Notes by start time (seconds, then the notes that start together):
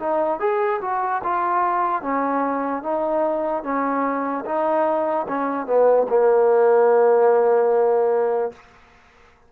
0.00 D#4
0.40 G#4
0.82 F#4
1.24 F4
2.02 C#4
2.83 D#4
3.64 C#4
4.46 D#4
5.29 C#4
5.67 B3
6.09 A#3